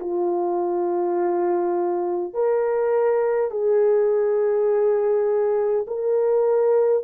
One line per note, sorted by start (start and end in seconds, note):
0.00 2.34 F4
2.34 3.51 A#4
3.51 5.86 G#4
5.87 7.03 A#4